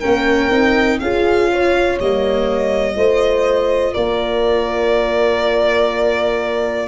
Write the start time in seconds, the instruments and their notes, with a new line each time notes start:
0.00 tuba A#3, viola C#4, horn A#4, violin G5
0.50 tuba C4, viola D#4
1.00 tuba C#4, viola F4, horn G#4, violin F5
1.52 horn C#5
2.00 tuba G3, viola A#3, violin D#5
2.95 tuba A3, viola F4, horn C5
3.94 tuba A#3, horn A#4, violin D5